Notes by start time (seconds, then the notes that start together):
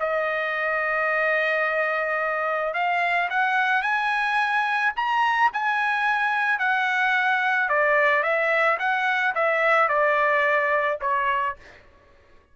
0.00 D#5
2.74 F5
3.30 F#5
3.83 G#5
4.96 A#5
5.53 G#5
6.59 F#5
7.69 D5
8.23 E5
8.79 F#5
9.35 E5
9.89 D5
11.01 C#5